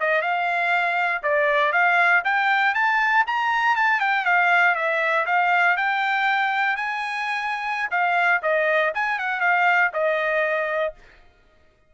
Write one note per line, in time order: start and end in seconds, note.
0.00 0.22 D#5
0.22 1.23 F5
1.23 1.73 D5
1.73 2.23 F5
2.25 2.75 G5
2.75 3.25 A5
3.27 3.76 A#5
3.76 4.00 A5
4.00 4.25 G5
4.25 4.75 F5
4.75 5.26 E5
5.26 5.77 F5
5.77 6.76 G5
6.76 7.90 G#5
7.91 8.41 F5
8.42 8.93 D#5
8.94 9.19 G#5
9.19 9.41 F#5
9.41 9.91 F5
9.93 10.94 D#5